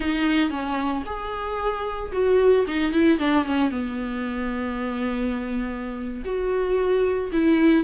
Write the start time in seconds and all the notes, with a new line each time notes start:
0.00 D#4
0.50 C#4
1.05 G#4
2.12 F#4
2.67 D#4
2.92 E4
3.19 D4
3.45 C#4
3.70 B3
6.24 F#4
7.32 E4